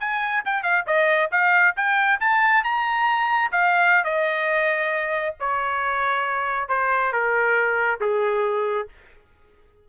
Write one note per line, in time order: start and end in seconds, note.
0.00 0.44 G#5
0.45 0.63 G5
0.63 0.85 F5
0.87 1.31 D#5
1.32 1.76 F5
1.77 2.20 G5
2.21 2.64 A5
2.64 3.52 A#5
3.52 4.05 F5
4.05 5.36 D#5
5.40 6.69 C#5
6.69 7.13 C5
7.13 8.00 A#4
8.01 8.89 G#4